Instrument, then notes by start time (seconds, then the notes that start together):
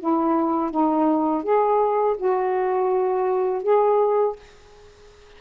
saxophone
0.00 E4
0.71 D#4
1.43 G#4
2.17 F#4
3.63 G#4